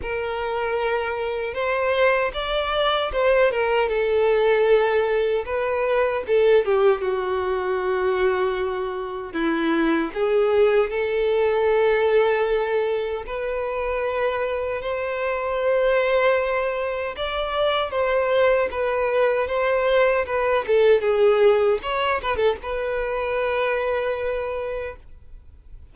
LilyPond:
\new Staff \with { instrumentName = "violin" } { \time 4/4 \tempo 4 = 77 ais'2 c''4 d''4 | c''8 ais'8 a'2 b'4 | a'8 g'8 fis'2. | e'4 gis'4 a'2~ |
a'4 b'2 c''4~ | c''2 d''4 c''4 | b'4 c''4 b'8 a'8 gis'4 | cis''8 b'16 a'16 b'2. | }